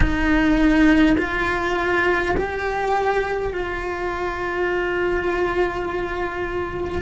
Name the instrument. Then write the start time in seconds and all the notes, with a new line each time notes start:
cello
0.00 D#4
1.18 F4
2.36 G4
3.53 F4